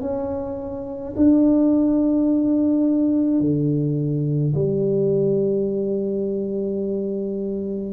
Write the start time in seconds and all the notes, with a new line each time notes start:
0.00 C#4
1.16 D4
3.40 D3
4.54 G3